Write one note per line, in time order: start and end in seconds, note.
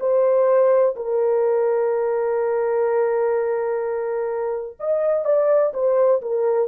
0.00 0.95 C5
0.96 4.77 A#4
4.80 5.25 D#5
5.25 5.72 D5
5.74 6.21 C5
6.22 6.68 A#4